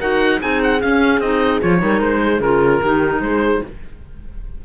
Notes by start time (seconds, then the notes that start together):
0.00 D#4 F#4 A#4 F#5
0.39 C4 D#4 G#4 G#5
0.63 F#5
0.80 C#4 F5
1.20 C4 D#4 D#5
1.62 F3 F4 C#5
1.79 G3 D#4 A#4
2.00 G#3 C5
2.23 G#4
2.40 C#3 F4 A#4
2.81 D#3 D#4 G4
3.21 G#3 G#4 C5